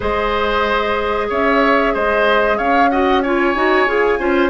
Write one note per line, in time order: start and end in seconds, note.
0.00 1.30 G#3
0.00 2.90 G#4
0.00 1.27 C5
0.00 1.30 D#5
1.29 1.94 C#4
1.29 1.93 C#5
1.29 1.95 E5
1.93 2.58 G#3
1.93 2.57 C5
1.93 2.58 D#5
2.57 3.55 C#4
2.57 2.90 C#5
2.57 2.89 F5
2.89 3.23 F#4
2.89 3.22 D#5
2.89 3.22 F#5
3.22 3.54 F4
3.22 4.19 C#5
3.22 4.49 G#5
3.54 3.87 D#4
3.54 3.86 F#4
3.86 4.19 F4
3.86 4.18 G#4
4.18 4.49 C#4
4.18 4.49 F4
4.18 4.49 C5